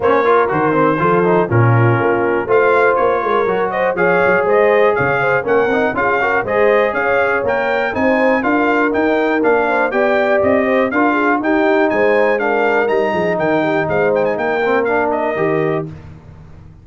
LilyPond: <<
  \new Staff \with { instrumentName = "trumpet" } { \time 4/4 \tempo 4 = 121 cis''4 c''2 ais'4~ | ais'4 f''4 cis''4. dis''8 | f''4 dis''4 f''4 fis''4 | f''4 dis''4 f''4 g''4 |
gis''4 f''4 g''4 f''4 | g''4 dis''4 f''4 g''4 | gis''4 f''4 ais''4 g''4 | f''8 g''16 gis''16 g''4 f''8 dis''4. | }
  \new Staff \with { instrumentName = "horn" } { \time 4/4 c''8 ais'4. a'4 f'4~ | f'4 c''4. ais'4 c''8 | cis''4 c''4 cis''8 c''8 ais'4 | gis'8 ais'8 c''4 cis''2 |
c''4 ais'2~ ais'8 c''8 | d''4. c''8 ais'8 gis'8 g'4 | c''4 ais'4. gis'8 ais'8 g'8 | c''4 ais'2. | }
  \new Staff \with { instrumentName = "trombone" } { \time 4/4 cis'8 f'8 fis'8 c'8 f'8 dis'8 cis'4~ | cis'4 f'2 fis'4 | gis'2. cis'8 dis'8 | f'8 fis'8 gis'2 ais'4 |
dis'4 f'4 dis'4 d'4 | g'2 f'4 dis'4~ | dis'4 d'4 dis'2~ | dis'4. c'8 d'4 g'4 | }
  \new Staff \with { instrumentName = "tuba" } { \time 4/4 ais4 dis4 f4 ais,4 | ais4 a4 ais8 gis8 fis4 | f8 fis8 gis4 cis4 ais8 c'8 | cis'4 gis4 cis'4 ais4 |
c'4 d'4 dis'4 ais4 | b4 c'4 d'4 dis'4 | gis2 g8 f8 dis4 | gis4 ais2 dis4 | }
>>